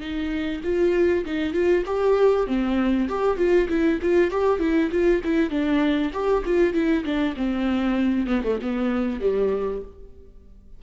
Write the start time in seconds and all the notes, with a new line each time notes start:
0.00 D#4
0.64 F4
1.26 D#4
1.53 F4
1.86 G4
2.47 C4
3.08 G4
3.38 F4
3.69 E4
4.02 F4
4.31 G4
4.59 E4
4.91 F4
5.24 E4
5.50 D4
6.13 G4
6.45 F4
6.74 E4
7.05 D4
7.37 C4
8.27 B3
8.44 A3
8.62 B3
9.21 G3